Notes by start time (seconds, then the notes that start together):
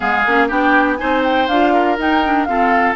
0.00 G#3 B3 G#4 F5
0.26 A#3 C#4
0.48 B3 D4 G4 G5
0.97 C4 D#4 C5 G#5
1.23 G5
1.47 D4 F4 F5
1.73 A#4
1.98 D#4 G5
2.23 D4
2.44 C4 F4 A4 F5